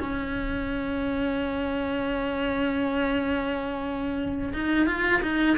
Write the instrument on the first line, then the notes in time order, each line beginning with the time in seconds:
cello
0.00 C#4
4.54 D#4
4.87 F4
5.22 D#4